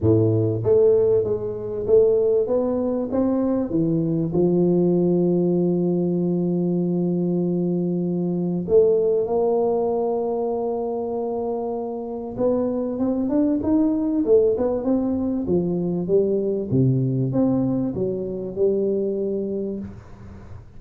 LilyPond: \new Staff \with { instrumentName = "tuba" } { \time 4/4 \tempo 4 = 97 a,4 a4 gis4 a4 | b4 c'4 e4 f4~ | f1~ | f2 a4 ais4~ |
ais1 | b4 c'8 d'8 dis'4 a8 b8 | c'4 f4 g4 c4 | c'4 fis4 g2 | }